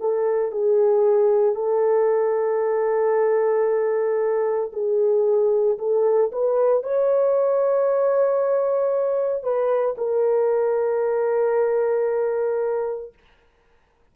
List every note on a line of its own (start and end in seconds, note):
0.00 0.52 A4
0.52 1.56 G#4
1.56 4.71 A4
4.73 5.78 G#4
5.78 6.31 A4
6.32 6.83 B4
6.83 9.43 C#5
9.43 9.96 B4
9.98 13.13 A#4